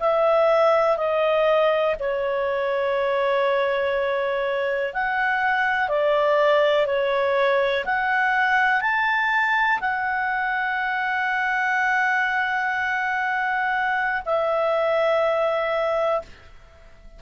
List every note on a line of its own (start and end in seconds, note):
0.00 0.97 E5
0.97 1.96 D#5
1.99 4.94 C#5
4.94 5.89 F#5
5.89 6.86 D5
6.86 7.85 C#5
7.85 8.81 F#5
8.81 9.80 A5
9.80 14.23 F#5
14.25 16.22 E5